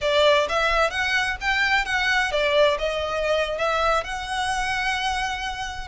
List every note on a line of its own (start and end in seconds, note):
0.01 0.47 D5
0.48 0.90 E5
0.90 1.36 F#5
1.40 1.85 G5
1.85 2.31 F#5
2.31 2.77 D5
2.78 3.58 D#5
3.58 4.04 E5
4.04 5.87 F#5